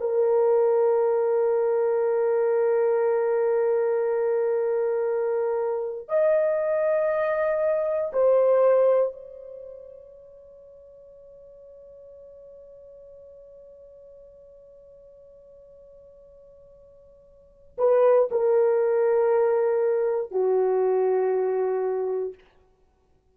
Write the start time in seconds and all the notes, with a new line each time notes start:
0.00 A#4
6.09 D#5
8.13 C5
9.12 C#5
17.78 B4
18.31 A#4
20.31 F#4